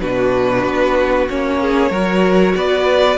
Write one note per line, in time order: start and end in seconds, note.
0.00 0.64 B2
0.00 1.28 D4
0.00 1.61 F#4
0.00 1.28 B4
0.64 1.28 B3
1.29 1.90 A#3
1.29 1.92 C#4
1.29 2.55 C#5
1.61 1.91 G#4
1.90 2.54 F#3
1.90 3.17 F#4
1.90 2.54 A#4
2.55 3.17 B3
2.55 3.17 B4
2.55 3.17 D5